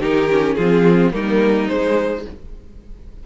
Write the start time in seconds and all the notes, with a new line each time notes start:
0.00 D#3 D#4 G4 A#4
0.31 C#4
0.55 F3 F4 G#4
0.61 C4
1.13 G3 A#3 D#4 A#4
1.68 G#3 C5